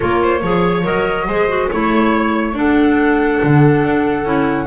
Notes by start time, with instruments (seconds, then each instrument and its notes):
0.00 double bass A#3, clarinet F4, viola A#4, flute C#5
0.22 viola C5
0.42 double bass F3, clarinet G#4, viola C#5
0.83 double bass F#3, clarinet A#4, flute D#5
1.27 double bass G#3, clarinet G#4, viola C5
1.48 clarinet F#4
1.70 double bass A3, clarinet E4, viola C#5, flute C#5
2.53 clarinet D4, double bass D4, viola A4, flute F#5
3.43 double bass D3
3.84 double bass D4
4.24 double bass C#4, clarinet E4